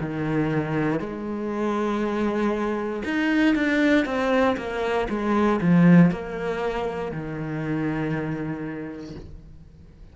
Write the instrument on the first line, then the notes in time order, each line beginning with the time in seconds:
cello
0.00 D#3
0.99 G#3
3.04 D#4
3.55 D4
4.05 C4
4.57 A#3
5.09 G#3
5.61 F3
6.11 A#3
7.11 D#3